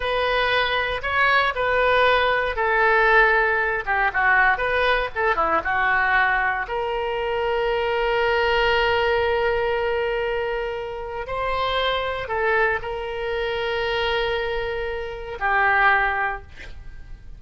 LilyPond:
\new Staff \with { instrumentName = "oboe" } { \time 4/4 \tempo 4 = 117 b'2 cis''4 b'4~ | b'4 a'2~ a'8 g'8 | fis'4 b'4 a'8 e'8 fis'4~ | fis'4 ais'2.~ |
ais'1~ | ais'2 c''2 | a'4 ais'2.~ | ais'2 g'2 | }